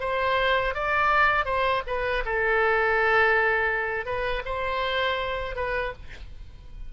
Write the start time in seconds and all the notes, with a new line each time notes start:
0.00 C5
0.74 D5
1.45 C5
1.87 B4
2.25 A4
4.05 B4
4.45 C5
5.56 B4